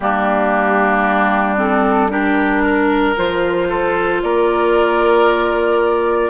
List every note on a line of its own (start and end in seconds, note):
0.00 3.14 G3
0.00 1.56 A#3
0.00 2.11 D4
0.00 1.56 G4
1.56 2.09 C4
1.56 2.10 A4
2.09 3.14 D4
2.09 2.62 G4
2.09 3.16 A#4
2.62 3.68 A#4
3.16 4.22 F3
3.16 6.30 F4
3.16 4.22 C5
3.69 4.21 A4
4.22 6.30 A#3
4.22 6.30 A#4
4.22 6.30 D5